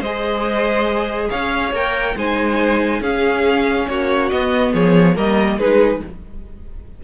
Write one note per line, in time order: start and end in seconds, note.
0.00 1.29 G#3
0.00 1.29 C5
0.00 1.30 D#5
0.06 1.75 G#4
1.30 1.72 C#4
1.30 2.16 C#5
1.30 1.73 F5
1.72 2.15 A#3
1.72 2.17 A#4
1.72 2.19 G5
2.16 3.01 G#3
2.16 3.02 D#4
2.16 3.01 C5
2.16 3.03 G#5
3.01 3.87 C#4
3.01 4.32 C#4
3.01 3.87 G#4
3.01 3.88 F5
3.88 4.32 A#3
3.88 4.74 F#4
3.88 4.30 C#5
4.30 5.16 B3
4.30 4.74 B3
4.30 4.72 D#5
4.74 5.17 F3
4.74 5.15 G#4
4.74 5.17 C#5
5.15 5.59 G3
5.15 5.59 A#3
5.15 5.58 A#4
5.15 5.59 D#5
5.58 6.02 G#3
5.58 6.04 D#4
5.58 6.01 G#4
5.58 6.02 B4